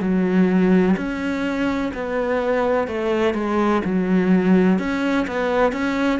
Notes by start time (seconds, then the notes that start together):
0.00 F#3
0.97 C#4
1.94 B3
2.87 A3
3.34 G#3
3.84 F#3
4.78 C#4
5.27 B3
5.72 C#4